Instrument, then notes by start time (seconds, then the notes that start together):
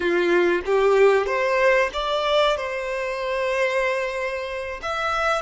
violin
0.00 F4
0.65 G4
1.26 C5
1.93 D5
2.56 C5
4.82 E5